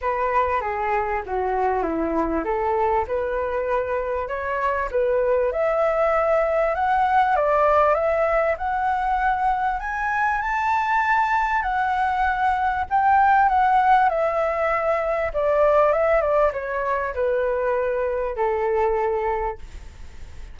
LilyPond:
\new Staff \with { instrumentName = "flute" } { \time 4/4 \tempo 4 = 98 b'4 gis'4 fis'4 e'4 | a'4 b'2 cis''4 | b'4 e''2 fis''4 | d''4 e''4 fis''2 |
gis''4 a''2 fis''4~ | fis''4 g''4 fis''4 e''4~ | e''4 d''4 e''8 d''8 cis''4 | b'2 a'2 | }